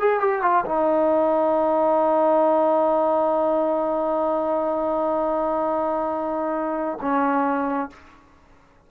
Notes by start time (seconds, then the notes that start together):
0.00 G#4
0.20 G4
0.42 F4
0.65 D#4
7.01 C#4